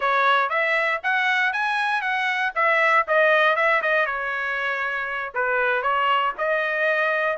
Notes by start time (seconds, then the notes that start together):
0.00 C#5
0.49 E5
1.03 F#5
1.53 G#5
2.01 F#5
2.55 E5
3.07 D#5
3.56 E5
3.81 D#5
4.05 C#5
5.34 B4
5.82 C#5
6.37 D#5